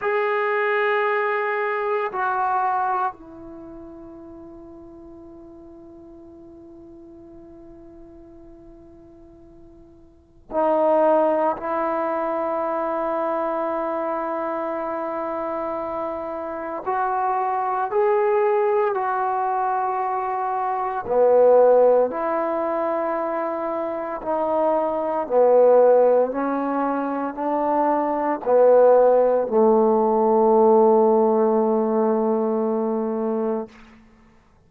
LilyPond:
\new Staff \with { instrumentName = "trombone" } { \time 4/4 \tempo 4 = 57 gis'2 fis'4 e'4~ | e'1~ | e'2 dis'4 e'4~ | e'1 |
fis'4 gis'4 fis'2 | b4 e'2 dis'4 | b4 cis'4 d'4 b4 | a1 | }